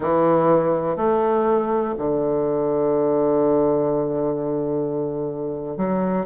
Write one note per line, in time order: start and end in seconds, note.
0.00 0.96 E3
0.96 1.94 A3
1.98 5.77 D3
5.77 6.26 F#3